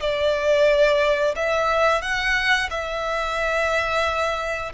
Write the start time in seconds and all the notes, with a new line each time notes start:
0.00 D5
1.36 E5
2.02 F#5
2.70 E5